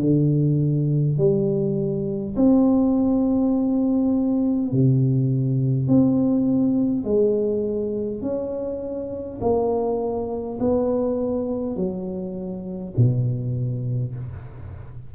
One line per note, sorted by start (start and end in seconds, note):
0.00 1.18 D3
1.18 2.35 G3
2.36 4.71 C4
4.71 5.88 C3
5.88 7.04 C4
7.04 8.21 G#3
8.21 9.39 C#4
9.41 10.58 A#3
10.59 11.76 B3
11.76 12.94 F#3
12.97 14.14 B2